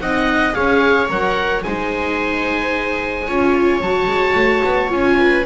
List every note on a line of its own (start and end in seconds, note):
0.00 0.55 C4
0.00 0.52 D#4
0.00 0.55 D#5
0.00 0.53 F#5
0.52 1.10 C#4
0.52 1.06 G#4
0.52 1.64 C#5
0.52 1.08 F5
1.09 1.64 F#3
1.09 1.63 A#4
1.09 1.62 F#5
1.62 3.28 G#3
1.62 3.27 D#4
1.62 3.27 C5
1.62 3.81 G#5
3.27 3.80 C#4
3.27 3.82 F4
3.27 5.17 C#5
3.80 4.07 F#3
3.80 4.88 F#4
3.80 4.90 A5
4.07 4.34 G#3
4.34 4.62 A3
4.64 4.91 B3
4.88 5.46 C#4
4.88 5.43 F4
4.88 5.46 G#5
5.18 5.46 B4